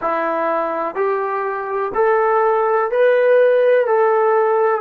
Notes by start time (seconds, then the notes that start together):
0.01 E4
0.95 G4
1.94 A4
2.91 B4
3.86 A4